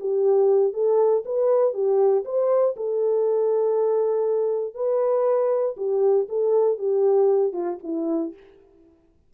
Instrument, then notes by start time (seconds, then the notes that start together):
horn
0.00 G4
0.73 A4
1.25 B4
1.73 G4
2.25 C5
2.76 A4
4.74 B4
5.77 G4
6.29 A4
6.78 G4
7.53 F4
7.83 E4